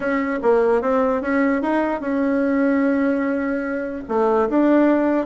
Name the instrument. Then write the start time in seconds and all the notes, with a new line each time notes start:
bassoon
0.00 C#4
0.42 A#3
0.81 C4
1.21 C#4
1.62 D#4
2.00 C#4
4.08 A3
4.49 D4